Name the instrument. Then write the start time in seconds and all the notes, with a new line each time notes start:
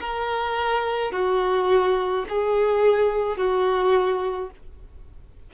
violin
0.00 A#4
1.12 F#4
2.29 G#4
3.37 F#4